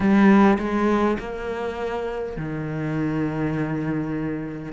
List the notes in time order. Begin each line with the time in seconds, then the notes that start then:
0.00 G3
0.58 G#3
1.19 A#3
2.36 D#3